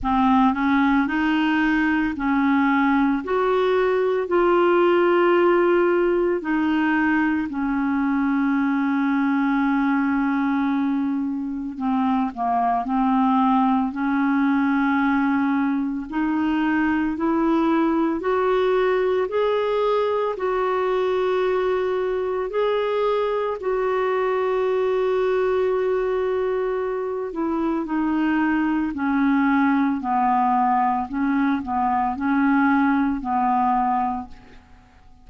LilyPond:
\new Staff \with { instrumentName = "clarinet" } { \time 4/4 \tempo 4 = 56 c'8 cis'8 dis'4 cis'4 fis'4 | f'2 dis'4 cis'4~ | cis'2. c'8 ais8 | c'4 cis'2 dis'4 |
e'4 fis'4 gis'4 fis'4~ | fis'4 gis'4 fis'2~ | fis'4. e'8 dis'4 cis'4 | b4 cis'8 b8 cis'4 b4 | }